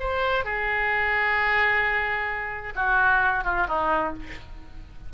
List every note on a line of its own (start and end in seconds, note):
0.00 0.45 C5
0.45 2.74 G#4
2.76 3.45 F#4
3.45 3.67 F4
3.68 4.14 D#4